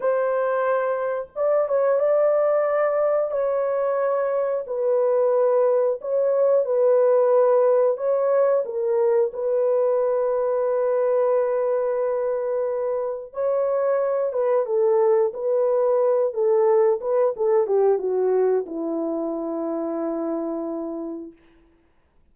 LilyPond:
\new Staff \with { instrumentName = "horn" } { \time 4/4 \tempo 4 = 90 c''2 d''8 cis''8 d''4~ | d''4 cis''2 b'4~ | b'4 cis''4 b'2 | cis''4 ais'4 b'2~ |
b'1 | cis''4. b'8 a'4 b'4~ | b'8 a'4 b'8 a'8 g'8 fis'4 | e'1 | }